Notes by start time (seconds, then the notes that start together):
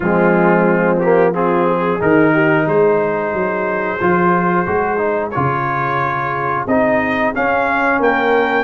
0.00 F3 G#3 C4 F4
0.99 A#3 G4
1.33 C4 F4 G#4
1.68 G#4
1.99 D#3 D#4 A#4
2.33 G4
2.65 G#3 G#4 C5
3.33 F#3
4.00 F3 F4
4.66 G#3 F#4
4.97 D#4
5.30 C#3 F4 C#5
6.66 C4 D#4 D#5
7.34 C#4 F5
7.98 A#3 A#4 G5